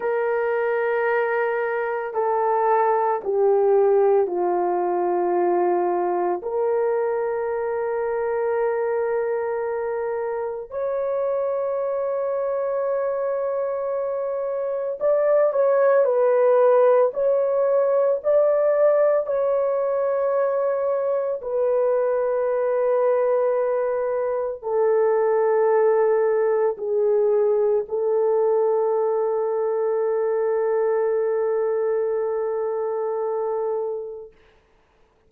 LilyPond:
\new Staff \with { instrumentName = "horn" } { \time 4/4 \tempo 4 = 56 ais'2 a'4 g'4 | f'2 ais'2~ | ais'2 cis''2~ | cis''2 d''8 cis''8 b'4 |
cis''4 d''4 cis''2 | b'2. a'4~ | a'4 gis'4 a'2~ | a'1 | }